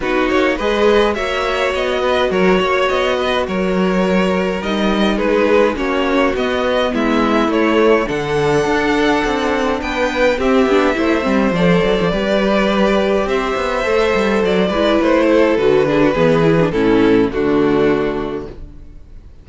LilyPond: <<
  \new Staff \with { instrumentName = "violin" } { \time 4/4 \tempo 4 = 104 b'8 cis''8 dis''4 e''4 dis''4 | cis''4 dis''4 cis''2 | dis''4 b'4 cis''4 dis''4 | e''4 cis''4 fis''2~ |
fis''4 g''4 e''2 | d''2. e''4~ | e''4 d''4 c''4 b'4~ | b'4 a'4 fis'2 | }
  \new Staff \with { instrumentName = "violin" } { \time 4/4 fis'4 b'4 cis''4. b'8 | ais'8 cis''4 b'8 ais'2~ | ais'4 gis'4 fis'2 | e'2 a'2~ |
a'4 b'4 g'4 c''4~ | c''4 b'2 c''4~ | c''4. b'4 a'4 gis'16 fis'16 | gis'4 e'4 d'2 | }
  \new Staff \with { instrumentName = "viola" } { \time 4/4 dis'4 gis'4 fis'2~ | fis'1 | dis'2 cis'4 b4~ | b4 a4 d'2~ |
d'2 c'8 d'8 e'8 c'8 | a'4 g'2. | a'4. e'4. fis'8 d'8 | b8 e'16 d'16 cis'4 a2 | }
  \new Staff \with { instrumentName = "cello" } { \time 4/4 b8 ais8 gis4 ais4 b4 | fis8 ais8 b4 fis2 | g4 gis4 ais4 b4 | gis4 a4 d4 d'4 |
c'4 b4 c'8 b8 a8 g8 | f8 fis16 f16 g2 c'8 b8 | a8 g8 fis8 gis8 a4 d4 | e4 a,4 d2 | }
>>